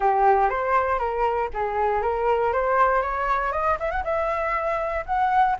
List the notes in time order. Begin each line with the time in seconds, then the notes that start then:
0.00 G4
0.49 C5
0.98 A#4
1.53 G#4
2.02 A#4
2.53 C5
3.02 C#5
3.52 D#5
3.79 E5
3.90 F#5
4.04 E5
5.06 F#5